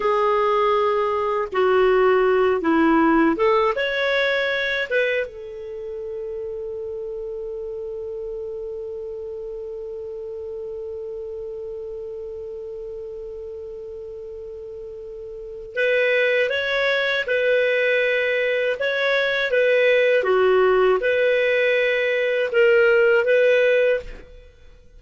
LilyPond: \new Staff \with { instrumentName = "clarinet" } { \time 4/4 \tempo 4 = 80 gis'2 fis'4. e'8~ | e'8 a'8 cis''4. b'8 a'4~ | a'1~ | a'1~ |
a'1~ | a'4 b'4 cis''4 b'4~ | b'4 cis''4 b'4 fis'4 | b'2 ais'4 b'4 | }